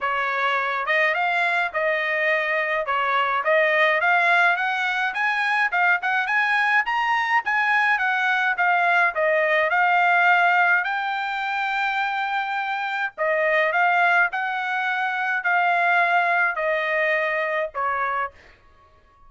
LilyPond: \new Staff \with { instrumentName = "trumpet" } { \time 4/4 \tempo 4 = 105 cis''4. dis''8 f''4 dis''4~ | dis''4 cis''4 dis''4 f''4 | fis''4 gis''4 f''8 fis''8 gis''4 | ais''4 gis''4 fis''4 f''4 |
dis''4 f''2 g''4~ | g''2. dis''4 | f''4 fis''2 f''4~ | f''4 dis''2 cis''4 | }